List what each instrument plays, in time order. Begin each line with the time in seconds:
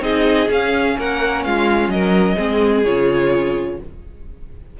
0.00 cello C4, viola D#4, violin G#4 D#5
0.49 viola C#4, cello C#4, violin F5
0.98 cello A#3, violin A#4 F#5
1.44 cello G#3, violin F4 F5
1.88 cello F#3, violin A#4 D#5
2.35 cello G#3, viola C4, violin G#4
2.84 cello C#3, viola F4, violin C#5